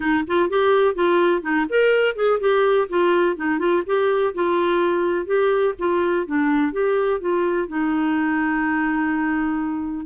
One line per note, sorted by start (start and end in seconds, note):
0.00 0.24 D#4
0.27 0.49 F4
0.49 0.94 G4
0.94 1.41 F4
1.41 1.65 D#4
1.69 2.15 A#4
2.15 2.39 G#4
2.40 2.88 G4
2.89 3.36 F4
3.36 3.58 D#4
3.58 3.82 F4
3.86 4.34 G4
4.34 5.26 F4
5.26 5.74 G4
5.78 6.26 F4
6.26 6.72 D4
6.72 7.20 G4
7.20 7.68 F4
7.68 10.06 D#4